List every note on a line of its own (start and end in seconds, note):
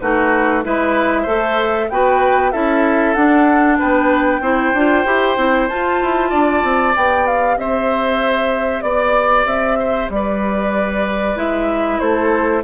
0.00 0.64 A3
0.00 0.64 D#4
0.00 0.64 F#4
0.00 0.63 B4
0.64 1.26 G#3
0.64 1.27 E4
0.64 1.22 B4
0.64 1.89 E5
1.22 1.89 A3
1.22 1.90 A4
1.22 1.85 C5
1.89 2.53 B3
1.89 2.52 F#4
1.89 2.51 B4
1.89 2.51 G5
2.51 3.15 C#4
2.51 3.16 E4
2.51 3.78 A4
2.51 3.14 E5
3.14 3.79 D4
3.14 4.42 D4
3.14 3.77 F#5
3.79 4.40 B3
3.79 4.41 B4
3.79 5.68 G5
4.40 4.72 C4
4.40 4.74 E4
4.40 6.30 C5
4.73 5.05 D4
4.73 5.05 F4
5.05 5.37 E4
5.05 5.37 G4
5.37 5.68 C4
5.37 5.69 E4
5.68 6.01 F4
5.68 6.94 F4
5.68 6.94 A5
6.02 6.32 E4
6.30 6.63 D4
6.30 7.56 D5
6.63 6.95 C4
6.94 7.57 B3
6.94 11.35 G4
6.94 7.26 G5
7.26 7.57 F5
7.57 8.82 C4
7.57 8.84 C5
7.57 8.81 E5
8.81 9.45 B3
8.81 9.44 D5
8.81 9.78 D5
9.45 10.08 C4
9.45 10.09 E5
9.79 10.10 C5
10.09 11.36 G3
10.09 12.01 B4
10.09 11.38 D5
11.35 11.99 G#3
11.35 12.62 E4
11.35 11.99 E5
11.99 12.63 A3
11.99 12.63 A4
11.99 12.62 C5